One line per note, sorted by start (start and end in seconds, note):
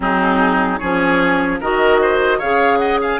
0.00 0.79 F#3
0.00 0.80 C4
0.00 0.79 D#4
0.00 0.78 G#4
0.78 1.60 F3
0.78 1.61 C#4
0.78 1.59 G#4
0.78 1.58 C#5
1.60 2.40 D#3
1.60 2.41 F#4
1.60 2.00 A#4
1.60 2.40 D#5
2.01 2.38 C5
2.38 3.19 C#3
2.38 3.19 G#4
2.38 2.78 C#5
2.38 2.78 F5
2.78 3.00 D#5
2.78 2.98 F#5
3.01 3.19 F5
3.01 3.19 G#5